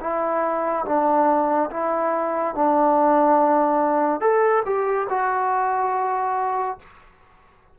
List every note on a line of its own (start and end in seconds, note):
0.00 0.85 E4
0.85 1.69 D4
1.70 2.55 E4
2.55 4.20 D4
4.20 4.62 A4
4.65 5.07 G4
5.09 6.78 F#4